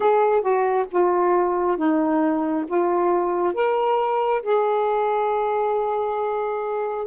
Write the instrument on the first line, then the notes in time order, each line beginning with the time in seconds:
saxophone
0.00 G#4
0.41 F#4
0.91 F4
1.76 D#4
2.67 F4
3.53 A#4
4.42 G#4